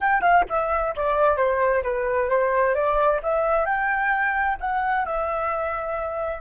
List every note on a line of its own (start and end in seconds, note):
0.00 0.21 G5
0.21 0.44 F5
0.49 0.95 E5
0.96 1.36 D5
1.36 1.82 C5
1.83 2.29 B4
2.29 2.74 C5
2.75 3.20 D5
3.22 3.65 E5
3.65 4.57 G5
4.60 5.05 F#5
5.05 6.41 E5